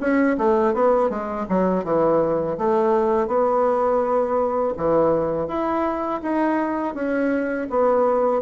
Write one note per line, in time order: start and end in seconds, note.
0.00 0.37 C#4
0.38 0.74 A3
0.74 1.09 B3
1.09 1.46 G#3
1.49 1.84 F#3
1.84 2.57 E3
2.58 3.27 A3
3.27 4.74 B3
4.77 5.47 E3
5.47 6.21 E4
6.22 6.94 D#4
6.94 7.68 C#4
7.70 8.41 B3